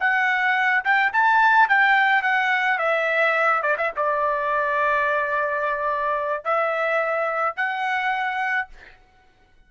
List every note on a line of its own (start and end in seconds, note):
0.00 0.84 F#5
0.85 1.13 G5
1.13 1.69 A5
1.69 2.23 G5
2.23 2.79 F#5
2.79 3.62 E5
3.62 3.76 D5
3.78 3.92 E5
3.97 6.45 D5
6.45 7.56 E5
7.56 8.69 F#5